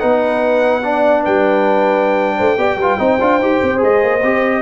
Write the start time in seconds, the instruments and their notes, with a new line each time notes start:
0.00 tuba B3, trombone D#4, horn B4, trumpet F#5
0.84 trombone D4, horn D5
1.24 tuba G3, horn B4, trumpet G5
2.36 tuba A3, horn C5
2.58 tuba B3, trombone G4, horn D5
2.77 tuba G3, trombone F4, horn B4
2.98 tuba C4, trombone D#4, horn C5
3.21 tuba D4, trombone F4
3.39 tuba D#4, trombone G4
3.63 tuba C4
3.78 tuba G#3, trombone G#4, trumpet D#5
4.03 tuba A#3
4.23 tuba C4, trombone G4